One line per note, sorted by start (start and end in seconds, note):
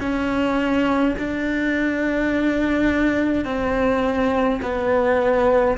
0.00 1.15 C#4
1.18 3.45 D4
3.45 4.60 C4
4.62 5.77 B3